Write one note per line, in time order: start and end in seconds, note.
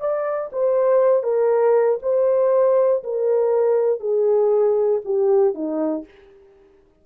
0.00 0.50 D5
0.52 1.23 C5
1.23 1.99 A#4
2.02 3.03 C5
3.03 4.00 A#4
4.00 5.01 G#4
5.05 5.54 G4
5.54 6.05 D#4